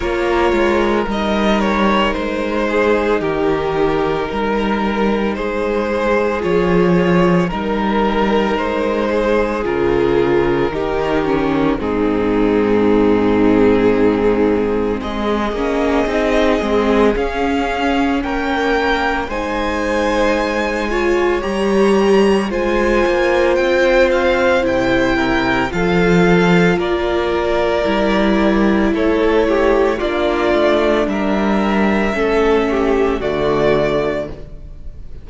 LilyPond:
<<
  \new Staff \with { instrumentName = "violin" } { \time 4/4 \tempo 4 = 56 cis''4 dis''8 cis''8 c''4 ais'4~ | ais'4 c''4 cis''4 ais'4 | c''4 ais'2 gis'4~ | gis'2 dis''2 |
f''4 g''4 gis''2 | ais''4 gis''4 g''8 f''8 g''4 | f''4 d''2 cis''4 | d''4 e''2 d''4 | }
  \new Staff \with { instrumentName = "violin" } { \time 4/4 ais'2~ ais'8 gis'8 g'4 | ais'4 gis'2 ais'4~ | ais'8 gis'4. g'4 dis'4~ | dis'2 gis'2~ |
gis'4 ais'4 c''4. cis''8~ | cis''4 c''2~ c''8 ais'8 | a'4 ais'2 a'8 g'8 | f'4 ais'4 a'8 g'8 fis'4 | }
  \new Staff \with { instrumentName = "viola" } { \time 4/4 f'4 dis'2.~ | dis'2 f'4 dis'4~ | dis'4 f'4 dis'8 cis'8 c'4~ | c'2~ c'8 cis'8 dis'8 c'8 |
cis'2 dis'4. f'8 | g'4 f'2 e'4 | f'2 e'2 | d'2 cis'4 a4 | }
  \new Staff \with { instrumentName = "cello" } { \time 4/4 ais8 gis8 g4 gis4 dis4 | g4 gis4 f4 g4 | gis4 cis4 dis4 gis,4~ | gis,2 gis8 ais8 c'8 gis8 |
cis'4 ais4 gis2 | g4 gis8 ais8 c'4 c4 | f4 ais4 g4 a4 | ais8 a8 g4 a4 d4 | }
>>